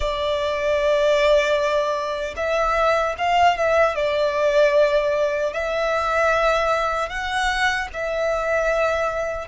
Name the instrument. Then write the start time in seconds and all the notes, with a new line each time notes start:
violin
0.00 D5
2.36 E5
3.18 F5
3.57 E5
3.95 D5
5.53 E5
7.09 F#5
7.93 E5